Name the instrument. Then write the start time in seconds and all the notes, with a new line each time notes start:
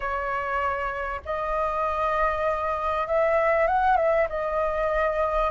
flute
0.00 C#5
1.25 D#5
3.07 E5
3.67 F#5
3.96 E5
4.29 D#5